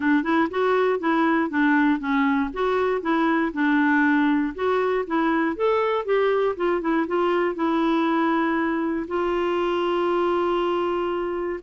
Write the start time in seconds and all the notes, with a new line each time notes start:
0.00 D4
0.23 E4
0.50 F#4
0.99 E4
1.49 D4
1.99 C#4
2.53 F#4
3.01 E4
3.53 D4
4.54 F#4
5.06 E4
5.56 A4
6.05 G4
6.56 F4
6.81 E4
7.07 F4
7.55 E4
9.07 F4